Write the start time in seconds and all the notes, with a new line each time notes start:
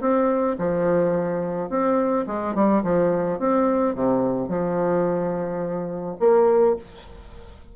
0.00 C4
0.58 F3
1.69 C4
2.26 G#3
2.54 G3
2.83 F3
3.39 C4
3.94 C3
4.48 F3
6.19 A#3